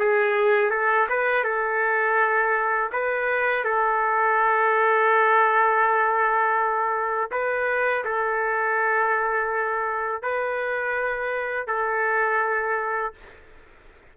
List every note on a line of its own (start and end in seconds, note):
0.00 0.71 G#4
0.71 1.07 A4
1.09 1.44 B4
1.44 2.91 A4
2.92 3.65 B4
3.65 7.31 A4
7.31 8.05 B4
8.05 10.23 A4
10.23 11.67 B4
11.67 13.14 A4